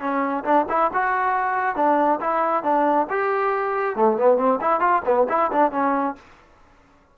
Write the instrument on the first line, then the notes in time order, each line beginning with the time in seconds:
trombone
0.00 C#4
0.44 D4
0.69 E4
0.93 F#4
1.76 D4
2.20 E4
2.63 D4
3.10 G4
3.96 A3
4.17 B3
4.37 C4
4.61 E4
4.80 F4
5.05 B3
5.29 E4
5.52 D4
5.71 C#4